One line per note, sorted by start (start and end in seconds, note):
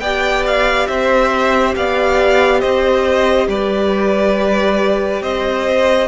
0.00 0.87 B3
0.00 6.08 G4
0.00 0.89 D5
0.00 0.43 G5
0.47 0.87 F5
0.87 1.76 C4
0.87 1.76 C5
0.87 1.74 E5
1.76 2.63 B3
1.76 2.60 D5
1.76 2.61 F5
2.60 3.48 C4
2.60 3.47 C5
2.60 3.47 D#5
3.48 5.22 G3
3.48 5.22 B4
3.48 5.23 D5
5.22 6.08 C4
5.22 6.08 C5
5.22 6.08 D#5